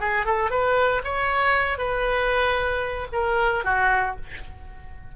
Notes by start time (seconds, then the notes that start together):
0.00 G#4
0.26 A4
0.51 B4
1.04 C#5
1.78 B4
3.13 A#4
3.64 F#4